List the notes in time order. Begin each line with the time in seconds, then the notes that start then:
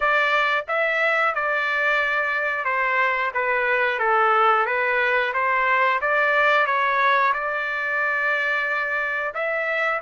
0.00 D5
0.68 E5
1.35 D5
2.65 C5
3.33 B4
3.99 A4
4.65 B4
5.33 C5
6.01 D5
6.66 C#5
7.33 D5
9.34 E5